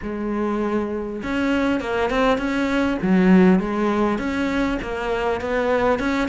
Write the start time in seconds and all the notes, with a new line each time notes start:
0.02 G#3
1.22 C#4
1.80 A#3
2.10 C4
2.38 C#4
3.02 F#3
3.59 G#3
4.18 C#4
4.82 A#3
5.40 B3
5.99 C#4